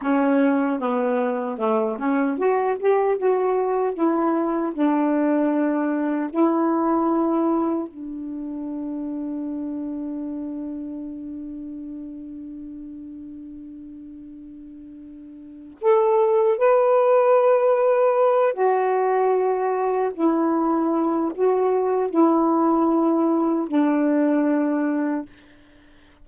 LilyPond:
\new Staff \with { instrumentName = "saxophone" } { \time 4/4 \tempo 4 = 76 cis'4 b4 a8 cis'8 fis'8 g'8 | fis'4 e'4 d'2 | e'2 d'2~ | d'1~ |
d'1 | a'4 b'2~ b'8 fis'8~ | fis'4. e'4. fis'4 | e'2 d'2 | }